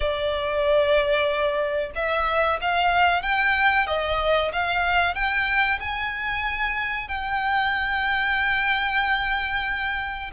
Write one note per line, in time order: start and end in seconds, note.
0.00 1.90 D5
1.95 2.59 E5
2.61 3.22 F5
3.22 3.87 G5
3.87 4.51 D#5
4.52 5.14 F5
5.14 5.79 G5
5.79 7.08 G#5
7.08 10.30 G5